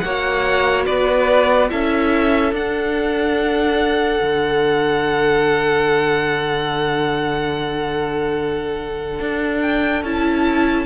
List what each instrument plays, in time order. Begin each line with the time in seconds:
0.00 cello A#3, violin C#5 F#5
0.06 viola F#4
0.86 cello B3, violin B4 D5
1.70 cello C#4, viola E4, violin A4 E5
2.53 cello D4, viola D4, violin F#5
4.22 cello D3
9.20 cello D4
9.62 violin G5
10.03 cello C#4, viola E4, violin A5